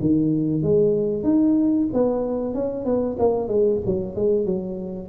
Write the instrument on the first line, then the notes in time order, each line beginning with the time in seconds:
tuba
0.00 D#3
0.62 G#3
1.23 D#4
1.93 B3
2.54 C#4
2.85 B3
3.19 A#3
3.48 G#3
3.86 F#3
4.15 G#3
4.45 F#3